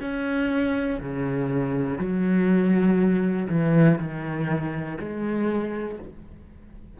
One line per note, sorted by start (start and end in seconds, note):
0.00 1.00 C#4
1.00 1.98 C#3
1.98 3.48 F#3
3.49 3.98 E3
3.98 4.98 D#3
4.99 5.99 G#3